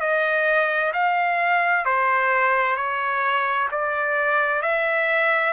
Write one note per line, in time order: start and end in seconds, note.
0.00 0.92 D#5
0.93 1.85 F5
1.85 2.77 C5
2.77 3.69 C#5
3.71 4.62 D5
4.62 5.53 E5